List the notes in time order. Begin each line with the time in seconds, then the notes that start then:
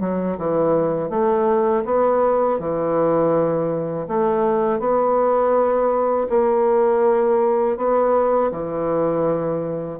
0.00 F#3
0.38 E3
1.10 A3
1.85 B3
2.59 E3
4.08 A3
4.79 B3
6.29 A#3
7.77 B3
8.52 E3